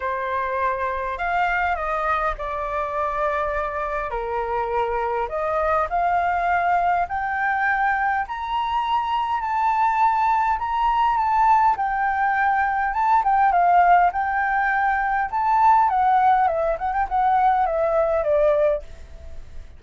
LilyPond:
\new Staff \with { instrumentName = "flute" } { \time 4/4 \tempo 4 = 102 c''2 f''4 dis''4 | d''2. ais'4~ | ais'4 dis''4 f''2 | g''2 ais''2 |
a''2 ais''4 a''4 | g''2 a''8 g''8 f''4 | g''2 a''4 fis''4 | e''8 fis''16 g''16 fis''4 e''4 d''4 | }